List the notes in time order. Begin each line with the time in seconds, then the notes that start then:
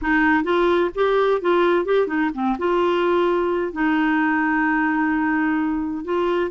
0.01 D#4
0.43 F4
0.95 G4
1.41 F4
1.85 G4
2.07 D#4
2.34 C4
2.58 F4
3.72 D#4
6.04 F4